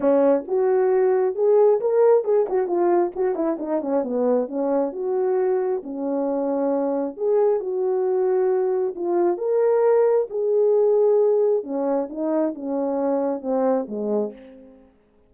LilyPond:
\new Staff \with { instrumentName = "horn" } { \time 4/4 \tempo 4 = 134 cis'4 fis'2 gis'4 | ais'4 gis'8 fis'8 f'4 fis'8 e'8 | dis'8 cis'8 b4 cis'4 fis'4~ | fis'4 cis'2. |
gis'4 fis'2. | f'4 ais'2 gis'4~ | gis'2 cis'4 dis'4 | cis'2 c'4 gis4 | }